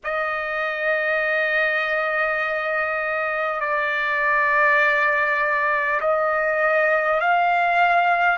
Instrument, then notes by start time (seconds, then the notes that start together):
trumpet
0.03 D#5
3.60 D5
6.01 D#5
7.20 F5